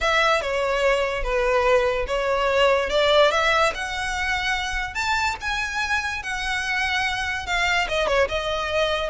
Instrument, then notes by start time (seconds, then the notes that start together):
violin
0.00 E5
0.41 C#5
1.23 B4
2.07 C#5
2.89 D5
3.31 E5
3.74 F#5
4.94 A5
5.40 G#5
6.23 F#5
7.46 F5
7.88 D#5
8.07 C#5
8.28 D#5